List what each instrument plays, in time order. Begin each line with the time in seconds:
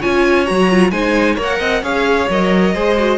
0.00 cello C#4, viola F4, violin C#5 G#5
0.46 cello F#3, viola F#4, violin A#5
0.71 viola F4
0.91 cello G#3, viola D#4, violin C5 G#5
1.36 cello A#3, viola A#4, violin C#5
1.43 violin F#5
1.59 cello C4, violin D#5
1.83 cello C#4, viola G#4, violin C#5 F5
2.30 cello F#3, viola A#4, violin D#5
2.74 cello G#3, viola G#4, violin C5
2.98 viola F#4